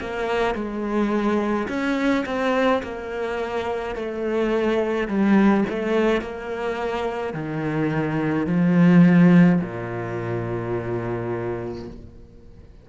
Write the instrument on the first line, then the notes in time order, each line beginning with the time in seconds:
cello
0.00 A#3
0.55 G#3
1.68 C#4
2.26 C4
2.83 A#3
3.96 A3
5.08 G3
5.70 A3
6.22 A#3
7.33 D#3
8.46 F3
9.61 A#2